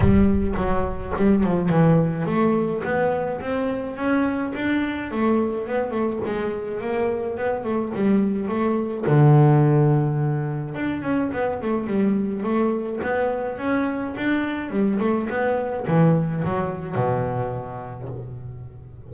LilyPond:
\new Staff \with { instrumentName = "double bass" } { \time 4/4 \tempo 4 = 106 g4 fis4 g8 f8 e4 | a4 b4 c'4 cis'4 | d'4 a4 b8 a8 gis4 | ais4 b8 a8 g4 a4 |
d2. d'8 cis'8 | b8 a8 g4 a4 b4 | cis'4 d'4 g8 a8 b4 | e4 fis4 b,2 | }